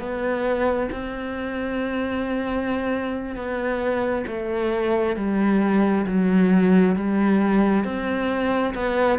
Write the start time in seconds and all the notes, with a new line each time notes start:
0.00 B3
0.92 C4
3.36 B3
4.27 A3
5.17 G3
6.07 F#3
6.96 G3
7.85 C4
8.75 B3